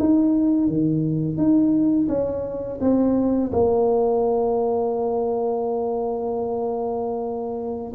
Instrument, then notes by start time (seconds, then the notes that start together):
tuba
0.00 D#4
0.68 D#3
1.37 D#4
2.09 C#4
2.81 C4
3.52 A#3